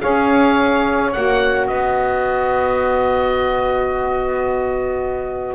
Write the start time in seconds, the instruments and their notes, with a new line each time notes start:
0.00 double bass C#4, saxophone G#4 C#5, oboe F5
1.12 double bass A#3, saxophone F#4, oboe F#5
1.67 double bass B3, saxophone B4, oboe D#5